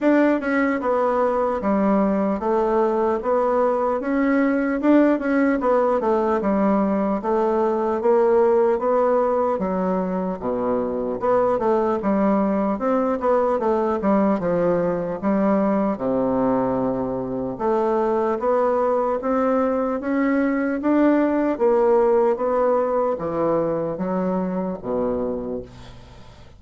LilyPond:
\new Staff \with { instrumentName = "bassoon" } { \time 4/4 \tempo 4 = 75 d'8 cis'8 b4 g4 a4 | b4 cis'4 d'8 cis'8 b8 a8 | g4 a4 ais4 b4 | fis4 b,4 b8 a8 g4 |
c'8 b8 a8 g8 f4 g4 | c2 a4 b4 | c'4 cis'4 d'4 ais4 | b4 e4 fis4 b,4 | }